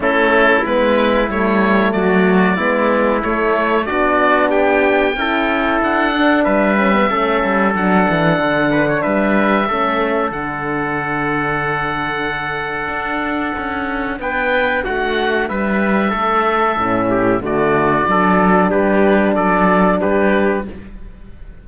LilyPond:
<<
  \new Staff \with { instrumentName = "oboe" } { \time 4/4 \tempo 4 = 93 a'4 b'4 cis''4 d''4~ | d''4 cis''4 d''4 g''4~ | g''4 fis''4 e''2 | fis''2 e''2 |
fis''1~ | fis''2 g''4 fis''4 | e''2. d''4~ | d''4 b'4 d''4 b'4 | }
  \new Staff \with { instrumentName = "trumpet" } { \time 4/4 e'2. fis'4 | e'2 fis'4 g'4 | a'2 b'4 a'4~ | a'4. b'16 cis''16 b'4 a'4~ |
a'1~ | a'2 b'4 fis'4 | b'4 a'4. g'8 fis'4 | a'4 g'4 a'4 g'4 | }
  \new Staff \with { instrumentName = "horn" } { \time 4/4 cis'4 b4 a2 | b4 a4 d'2 | e'4. d'4 cis'16 b16 cis'4 | d'2. cis'4 |
d'1~ | d'1~ | d'2 cis'4 a4 | d'1 | }
  \new Staff \with { instrumentName = "cello" } { \time 4/4 a4 gis4 g4 fis4 | gis4 a4 b2 | cis'4 d'4 g4 a8 g8 | fis8 e8 d4 g4 a4 |
d1 | d'4 cis'4 b4 a4 | g4 a4 a,4 d4 | fis4 g4 fis4 g4 | }
>>